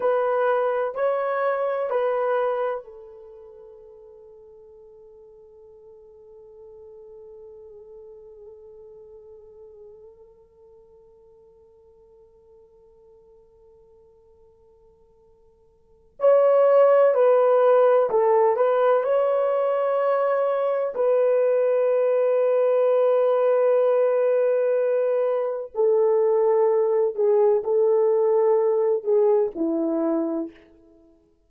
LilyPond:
\new Staff \with { instrumentName = "horn" } { \time 4/4 \tempo 4 = 63 b'4 cis''4 b'4 a'4~ | a'1~ | a'1~ | a'1~ |
a'4 cis''4 b'4 a'8 b'8 | cis''2 b'2~ | b'2. a'4~ | a'8 gis'8 a'4. gis'8 e'4 | }